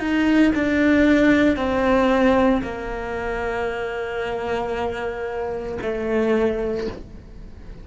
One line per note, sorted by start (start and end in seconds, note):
0.00 0.53 D#4
0.55 1.56 D4
1.56 2.62 C4
2.63 5.78 A#3
5.82 6.88 A3